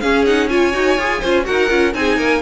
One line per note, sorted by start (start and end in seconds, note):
0.00 0.74 C#4
0.00 0.26 C#4
0.00 0.50 G#4
0.00 0.24 F5
0.26 0.49 D#4
0.26 0.48 F#5
0.48 0.72 F4
0.48 1.20 C#5
0.48 1.45 G#5
0.72 0.97 D#4
0.72 0.97 F#4
0.97 1.21 F4
0.97 1.23 G#4
1.20 1.48 C#4
1.20 1.44 F4
1.20 1.44 C5
1.44 1.70 D#4
1.44 1.68 F#4
1.44 1.94 A#4
1.44 1.93 F#5
1.69 1.94 C#4
1.69 1.93 F4
1.93 2.17 C4
1.93 2.42 D#4
1.93 2.17 G#4
1.93 2.42 G#5
2.17 2.41 A#3
2.17 2.41 A#4